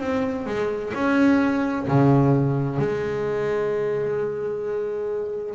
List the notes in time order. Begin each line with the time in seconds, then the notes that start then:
0.00 C4
0.46 G#3
0.94 C#4
1.88 C#3
2.79 G#3